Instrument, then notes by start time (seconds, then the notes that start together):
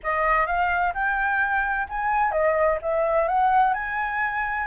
flute
0.03 D#5
0.46 F5
0.94 G5
1.89 G#5
2.31 D#5
2.82 E5
3.27 F#5
3.73 G#5